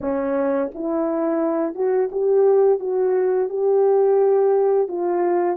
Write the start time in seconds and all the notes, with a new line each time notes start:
0.01 C#4
0.74 E4
1.74 F#4
2.11 G4
2.79 F#4
3.49 G4
4.87 F4